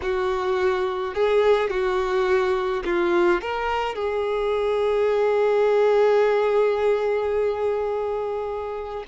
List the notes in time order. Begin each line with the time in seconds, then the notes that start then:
0.02 F#4
1.14 G#4
1.70 F#4
2.84 F4
3.41 A#4
3.95 G#4